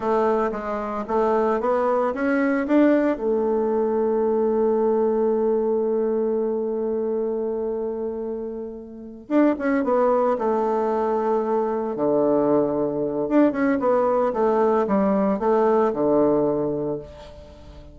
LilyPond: \new Staff \with { instrumentName = "bassoon" } { \time 4/4 \tempo 4 = 113 a4 gis4 a4 b4 | cis'4 d'4 a2~ | a1~ | a1~ |
a4. d'8 cis'8 b4 a8~ | a2~ a8 d4.~ | d4 d'8 cis'8 b4 a4 | g4 a4 d2 | }